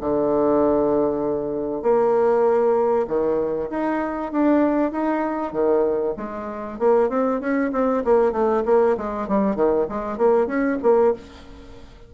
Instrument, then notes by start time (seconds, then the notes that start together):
bassoon
0.00 D3
1.82 A#3
3.07 D#3
3.70 D#4
4.32 D4
4.91 D#4
5.52 D#3
6.17 G#3
6.78 A#3
7.09 C4
7.40 C#4
7.72 C4
8.04 A#3
8.32 A3
8.65 A#3
8.97 G#3
9.28 G3
9.55 D#3
9.89 G#3
10.17 A#3
10.46 C#4
10.82 A#3